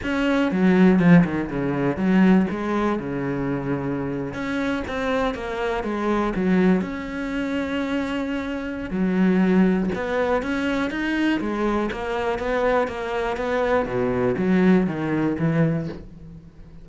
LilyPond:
\new Staff \with { instrumentName = "cello" } { \time 4/4 \tempo 4 = 121 cis'4 fis4 f8 dis8 cis4 | fis4 gis4 cis2~ | cis8. cis'4 c'4 ais4 gis16~ | gis8. fis4 cis'2~ cis'16~ |
cis'2 fis2 | b4 cis'4 dis'4 gis4 | ais4 b4 ais4 b4 | b,4 fis4 dis4 e4 | }